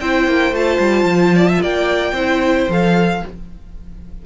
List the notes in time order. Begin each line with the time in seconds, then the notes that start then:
0.00 C4 E4 C5 G5
0.27 A#3
0.51 A3 F4 A5
0.79 G3
1.04 F3
1.35 D5
1.48 E5
1.61 A#3 D5 G5
2.12 C4 E4 C5
2.68 F3 A4 F5